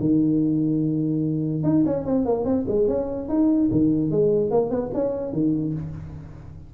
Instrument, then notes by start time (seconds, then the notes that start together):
tuba
0.00 D#3
1.63 D#4
1.86 C#4
2.06 C4
2.25 A#3
2.45 C4
2.68 G#3
2.88 C#4
3.29 D#4
3.72 D#3
4.11 G#3
4.51 A#3
4.70 B3
4.94 C#4
5.33 D#3